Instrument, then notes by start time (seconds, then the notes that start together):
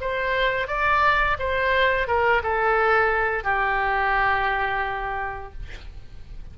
oboe
0.00 C5
0.67 D5
1.39 C5
2.07 A#4
2.43 A4
3.43 G4